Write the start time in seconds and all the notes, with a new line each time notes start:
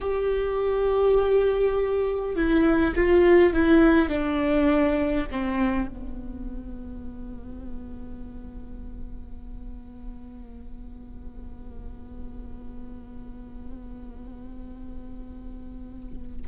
0.01 G4
2.35 E4
2.95 F4
3.53 E4
4.09 D4
5.30 C4
5.88 B3